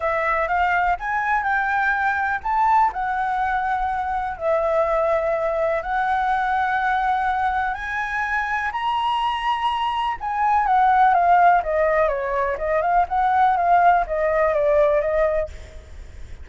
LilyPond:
\new Staff \with { instrumentName = "flute" } { \time 4/4 \tempo 4 = 124 e''4 f''4 gis''4 g''4~ | g''4 a''4 fis''2~ | fis''4 e''2. | fis''1 |
gis''2 ais''2~ | ais''4 gis''4 fis''4 f''4 | dis''4 cis''4 dis''8 f''8 fis''4 | f''4 dis''4 d''4 dis''4 | }